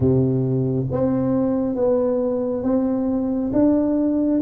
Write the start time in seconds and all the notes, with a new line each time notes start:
0.00 C3
0.91 C4
1.75 B3
2.63 C4
3.53 D4